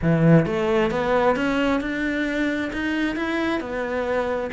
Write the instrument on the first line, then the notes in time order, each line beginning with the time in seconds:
cello
0.02 E3
0.46 A3
0.90 B3
1.36 C#4
1.80 D4
2.72 D#4
3.16 E4
3.60 B3